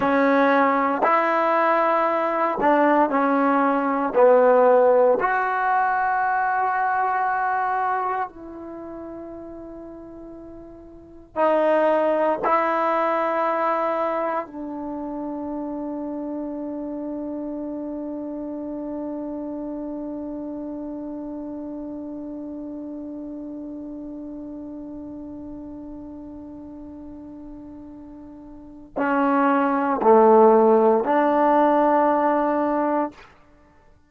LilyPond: \new Staff \with { instrumentName = "trombone" } { \time 4/4 \tempo 4 = 58 cis'4 e'4. d'8 cis'4 | b4 fis'2. | e'2. dis'4 | e'2 d'2~ |
d'1~ | d'1~ | d'1 | cis'4 a4 d'2 | }